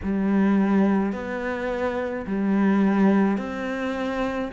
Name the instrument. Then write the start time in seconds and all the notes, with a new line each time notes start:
cello
0.03 G3
1.12 B3
2.26 G3
3.37 C4